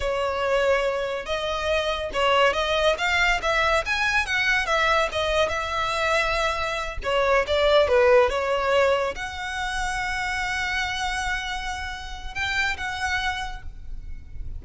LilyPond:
\new Staff \with { instrumentName = "violin" } { \time 4/4 \tempo 4 = 141 cis''2. dis''4~ | dis''4 cis''4 dis''4 f''4 | e''4 gis''4 fis''4 e''4 | dis''4 e''2.~ |
e''8 cis''4 d''4 b'4 cis''8~ | cis''4. fis''2~ fis''8~ | fis''1~ | fis''4 g''4 fis''2 | }